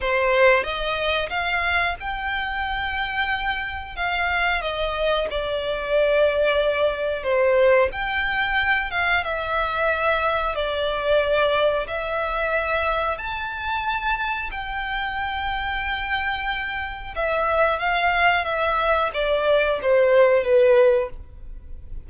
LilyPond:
\new Staff \with { instrumentName = "violin" } { \time 4/4 \tempo 4 = 91 c''4 dis''4 f''4 g''4~ | g''2 f''4 dis''4 | d''2. c''4 | g''4. f''8 e''2 |
d''2 e''2 | a''2 g''2~ | g''2 e''4 f''4 | e''4 d''4 c''4 b'4 | }